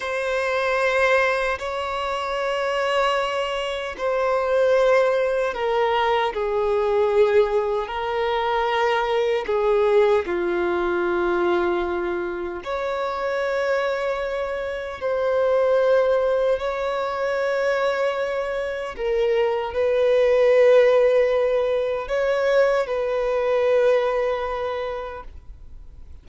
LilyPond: \new Staff \with { instrumentName = "violin" } { \time 4/4 \tempo 4 = 76 c''2 cis''2~ | cis''4 c''2 ais'4 | gis'2 ais'2 | gis'4 f'2. |
cis''2. c''4~ | c''4 cis''2. | ais'4 b'2. | cis''4 b'2. | }